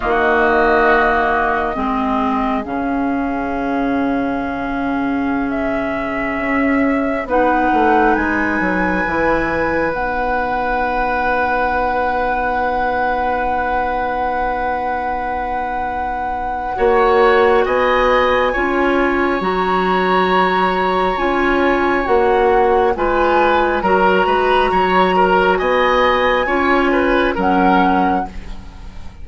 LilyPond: <<
  \new Staff \with { instrumentName = "flute" } { \time 4/4 \tempo 4 = 68 dis''2. f''4~ | f''2~ f''16 e''4.~ e''16~ | e''16 fis''4 gis''2 fis''8.~ | fis''1~ |
fis''1 | gis''2 ais''2 | gis''4 fis''4 gis''4 ais''4~ | ais''4 gis''2 fis''4 | }
  \new Staff \with { instrumentName = "oboe" } { \time 4/4 fis'2 gis'2~ | gis'1~ | gis'16 b'2.~ b'8.~ | b'1~ |
b'2. cis''4 | dis''4 cis''2.~ | cis''2 b'4 ais'8 b'8 | cis''8 ais'8 dis''4 cis''8 b'8 ais'4 | }
  \new Staff \with { instrumentName = "clarinet" } { \time 4/4 ais2 c'4 cis'4~ | cis'1~ | cis'16 dis'2 e'4 dis'8.~ | dis'1~ |
dis'2. fis'4~ | fis'4 f'4 fis'2 | f'4 fis'4 f'4 fis'4~ | fis'2 f'4 cis'4 | }
  \new Staff \with { instrumentName = "bassoon" } { \time 4/4 dis2 gis4 cis4~ | cis2.~ cis16 cis'8.~ | cis'16 b8 a8 gis8 fis8 e4 b8.~ | b1~ |
b2. ais4 | b4 cis'4 fis2 | cis'4 ais4 gis4 fis8 gis8 | fis4 b4 cis'4 fis4 | }
>>